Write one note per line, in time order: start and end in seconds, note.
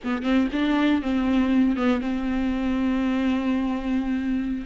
0.03 0.22 B3
0.22 0.47 C4
0.52 1.02 D4
1.02 1.76 C4
1.76 2.01 B3
2.01 4.65 C4